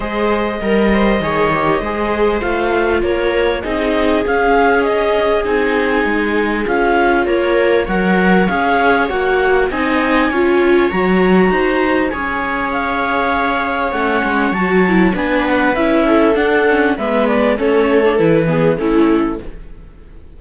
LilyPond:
<<
  \new Staff \with { instrumentName = "clarinet" } { \time 4/4 \tempo 4 = 99 dis''1 | f''4 cis''4 dis''4 f''4 | dis''4 gis''2 f''4 | cis''4 fis''4 f''4 fis''4 |
gis''2 ais''2 | gis''4 f''2 fis''4 | a''4 gis''8 fis''8 e''4 fis''4 | e''8 d''8 cis''4 b'4 a'4 | }
  \new Staff \with { instrumentName = "viola" } { \time 4/4 c''4 ais'8 c''8 cis''4 c''4~ | c''4 ais'4 gis'2~ | gis'1 | ais'4 cis''2. |
dis''4 cis''2 c''4 | cis''1~ | cis''4 b'4. a'4. | b'4 a'4. gis'8 e'4 | }
  \new Staff \with { instrumentName = "viola" } { \time 4/4 gis'4 ais'4 gis'8 g'8 gis'4 | f'2 dis'4 cis'4~ | cis'4 dis'2 f'4~ | f'4 ais'4 gis'4 fis'4 |
dis'4 f'4 fis'2 | gis'2. cis'4 | fis'8 e'8 d'4 e'4 d'8 cis'8 | b4 cis'8. d'16 e'8 b8 cis'4 | }
  \new Staff \with { instrumentName = "cello" } { \time 4/4 gis4 g4 dis4 gis4 | a4 ais4 c'4 cis'4~ | cis'4 c'4 gis4 cis'4 | ais4 fis4 cis'4 ais4 |
c'4 cis'4 fis4 dis'4 | cis'2. a8 gis8 | fis4 b4 cis'4 d'4 | gis4 a4 e4 a4 | }
>>